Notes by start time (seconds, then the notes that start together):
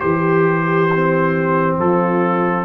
0.00 E3 G4 C5
0.94 C4
1.77 F3 F4 A4